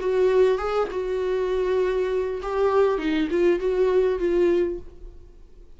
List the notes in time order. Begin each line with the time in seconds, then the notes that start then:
0.00 F#4
0.58 G#4
0.91 F#4
2.42 G4
2.98 D#4
3.31 F4
3.59 F#4
4.19 F4